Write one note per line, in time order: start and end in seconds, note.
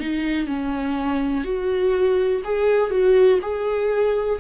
0.00 0.47 D#4
0.47 1.44 C#4
1.44 2.42 F#4
2.44 2.91 G#4
2.91 3.40 F#4
3.42 4.40 G#4